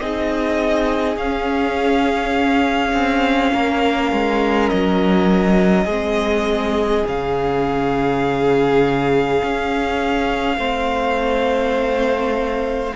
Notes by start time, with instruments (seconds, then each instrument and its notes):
0.00 cello C4, viola D#4, violin G#4 D#5
1.17 cello C#4, viola C#4, violin F5
2.93 cello C4
3.53 cello A#3, violin A#4
4.12 cello G#3
4.69 cello F#3, violin D#5
5.85 cello G#3, viola C4, violin G#4
7.06 cello C#3, viola C#4, violin F5
9.44 cello C#4
10.58 cello A3, viola C4, violin C5